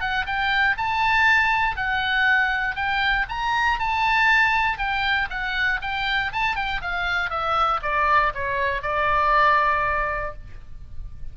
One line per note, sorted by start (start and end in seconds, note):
0.00 0.25 F#5
0.26 0.76 G5
0.77 1.76 A5
1.76 2.75 F#5
2.75 3.26 G5
3.29 3.79 A#5
3.79 4.78 A5
4.78 5.28 G5
5.30 5.80 F#5
5.81 6.32 G5
6.32 6.55 A5
6.55 6.81 G5
6.81 7.30 F5
7.30 7.80 E5
7.82 8.33 D5
8.34 8.82 C#5
8.82 10.33 D5